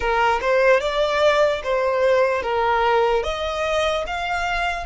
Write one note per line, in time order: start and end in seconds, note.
0.00 0.39 A#4
0.41 0.80 C5
0.80 1.61 D5
1.63 2.42 C5
2.42 3.23 A#4
3.23 4.04 D#5
4.07 4.86 F5